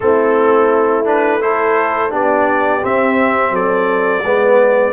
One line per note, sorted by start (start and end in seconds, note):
0.00 2.12 A3
0.00 1.04 C4
0.00 1.42 E4
0.00 1.06 A4
1.04 1.40 D4
1.04 1.42 B4
1.41 2.10 E4
1.41 2.11 A4
1.41 2.12 C5
2.10 2.83 B3
2.10 2.80 D4
2.10 3.52 G4
2.10 2.84 D5
2.82 4.23 C4
2.82 3.50 C4
2.82 3.55 E5
3.50 4.21 F#3
3.50 4.23 A4
3.50 4.92 D5
4.24 4.92 G#3
4.24 4.92 B3
4.24 4.92 B4